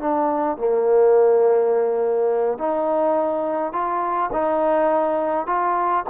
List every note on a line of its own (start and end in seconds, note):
0.00 0.58 D4
0.58 2.58 A#3
2.58 3.73 D#4
3.73 4.30 F4
4.33 5.47 D#4
5.47 6.04 F4